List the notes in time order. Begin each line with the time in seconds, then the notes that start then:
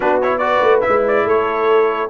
0.00 B3 D4 F#4 B4
0.21 E4 C#5
0.38 F#4 B4 D5
0.61 A3
0.80 E4 E5
0.88 G#3
1.07 D5
1.24 A3 A4 C#5